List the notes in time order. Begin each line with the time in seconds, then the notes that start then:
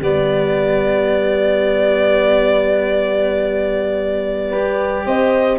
0.00 G3 B3 G4 D5
4.50 G4 B4
5.06 C4 C5 D#5